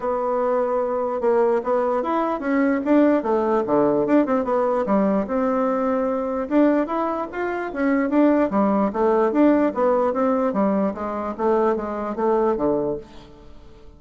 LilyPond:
\new Staff \with { instrumentName = "bassoon" } { \time 4/4 \tempo 4 = 148 b2. ais4 | b4 e'4 cis'4 d'4 | a4 d4 d'8 c'8 b4 | g4 c'2. |
d'4 e'4 f'4 cis'4 | d'4 g4 a4 d'4 | b4 c'4 g4 gis4 | a4 gis4 a4 d4 | }